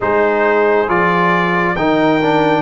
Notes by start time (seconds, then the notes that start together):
0.00 G#3 D#4 G#4 C5
0.87 F3 F4 D5
1.75 D#3 D#4 A#4 G5
2.22 D4